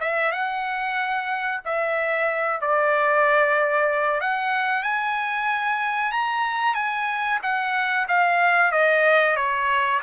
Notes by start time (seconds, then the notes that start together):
0.00 E5
0.32 F#5
1.65 E5
2.61 D5
4.20 F#5
4.83 G#5
6.12 A#5
6.74 G#5
7.42 F#5
8.08 F5
8.71 D#5
9.36 C#5